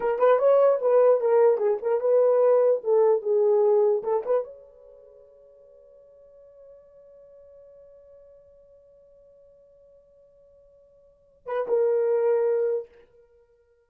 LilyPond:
\new Staff \with { instrumentName = "horn" } { \time 4/4 \tempo 4 = 149 ais'8 b'8 cis''4 b'4 ais'4 | gis'8 ais'8 b'2 a'4 | gis'2 a'8 b'8 cis''4~ | cis''1~ |
cis''1~ | cis''1~ | cis''1~ | cis''8 b'8 ais'2. | }